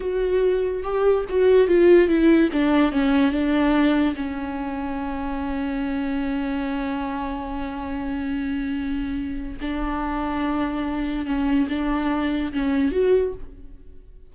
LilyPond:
\new Staff \with { instrumentName = "viola" } { \time 4/4 \tempo 4 = 144 fis'2 g'4 fis'4 | f'4 e'4 d'4 cis'4 | d'2 cis'2~ | cis'1~ |
cis'1~ | cis'2. d'4~ | d'2. cis'4 | d'2 cis'4 fis'4 | }